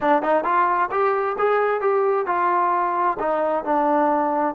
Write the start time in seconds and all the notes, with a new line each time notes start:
0.00 D4
0.22 D#4
0.44 F4
0.91 G4
1.38 G#4
1.81 G4
2.26 F4
3.19 D#4
3.64 D4